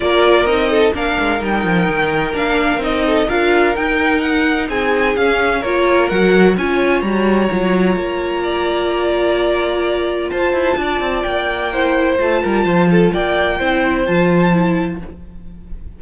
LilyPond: <<
  \new Staff \with { instrumentName = "violin" } { \time 4/4 \tempo 4 = 128 d''4 dis''4 f''4 g''4~ | g''4 f''4 dis''4 f''4 | g''4 fis''4 gis''4 f''4 | cis''4 fis''4 gis''4 ais''4~ |
ais''1~ | ais''2 a''2 | g''2 a''2 | g''2 a''2 | }
  \new Staff \with { instrumentName = "violin" } { \time 4/4 ais'4. a'8 ais'2~ | ais'2~ ais'8 a'8 ais'4~ | ais'2 gis'2 | ais'2 cis''2~ |
cis''2 d''2~ | d''2 c''4 d''4~ | d''4 c''4. ais'8 c''8 a'8 | d''4 c''2. | }
  \new Staff \with { instrumentName = "viola" } { \time 4/4 f'4 dis'4 d'4 dis'4~ | dis'4 d'4 dis'4 f'4 | dis'2. cis'4 | f'4 fis'4 f'4 fis'4 |
f'1~ | f'1~ | f'4 e'4 f'2~ | f'4 e'4 f'4 e'4 | }
  \new Staff \with { instrumentName = "cello" } { \time 4/4 ais4 c'4 ais8 gis8 g8 f8 | dis4 ais4 c'4 d'4 | dis'2 c'4 cis'4 | ais4 fis4 cis'4 g4 |
fis4 ais2.~ | ais2 f'8 e'8 d'8 c'8 | ais2 a8 g8 f4 | ais4 c'4 f2 | }
>>